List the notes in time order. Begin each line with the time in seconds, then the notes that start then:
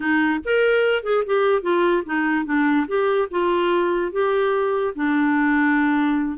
0.00 D#4
0.44 A#4
1.03 G#4
1.25 G4
1.62 F4
2.05 D#4
2.45 D4
2.87 G4
3.30 F4
4.12 G4
4.95 D4